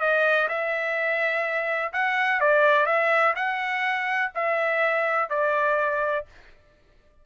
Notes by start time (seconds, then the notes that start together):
0.00 D#5
0.49 E5
1.93 F#5
2.40 D5
2.86 E5
3.35 F#5
4.35 E5
5.30 D5